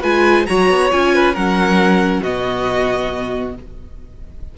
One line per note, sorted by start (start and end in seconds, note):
0.00 0.47 G#3
0.00 0.46 F4
0.00 0.44 B4
0.00 0.46 G#5
0.46 0.69 F#3
0.46 0.90 F#4
0.46 1.14 C#5
0.46 0.90 A#5
0.69 0.91 B3
0.90 1.36 C#4
0.90 1.34 F4
0.90 1.35 G#5
1.14 1.33 B4
1.33 2.21 F#3
1.33 2.24 C#4
1.33 2.21 A#4
1.33 2.22 F#5
2.21 3.53 B2
2.21 3.57 B3
2.21 3.54 F#4
2.21 3.55 D#5